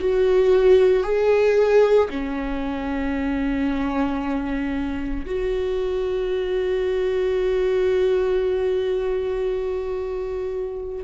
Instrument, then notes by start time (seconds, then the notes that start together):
viola
0.00 F#4
1.04 G#4
2.10 C#4
5.26 F#4